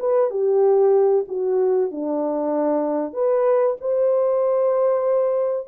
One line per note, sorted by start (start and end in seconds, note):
0.00 0.31 B4
0.31 1.26 G4
1.29 1.91 F#4
1.91 3.14 D4
3.14 3.77 B4
3.81 5.68 C5